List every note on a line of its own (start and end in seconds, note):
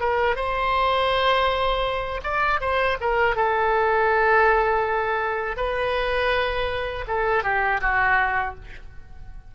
0.00 0.36 A#4
0.36 2.21 C5
2.23 2.60 D5
2.61 2.98 C5
3.01 3.36 A#4
3.36 5.57 A4
5.57 7.05 B4
7.07 7.44 A4
7.44 7.81 G4
7.81 8.55 F#4